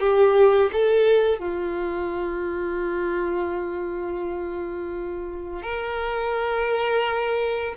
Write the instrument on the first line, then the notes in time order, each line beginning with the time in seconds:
violin
0.00 G4
0.73 A4
1.39 F4
5.63 A#4